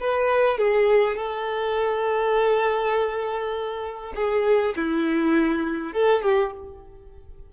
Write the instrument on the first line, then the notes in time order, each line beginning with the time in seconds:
violin
0.00 B4
0.58 G#4
1.16 A4
4.15 G#4
4.76 E4
5.93 A4
6.22 G4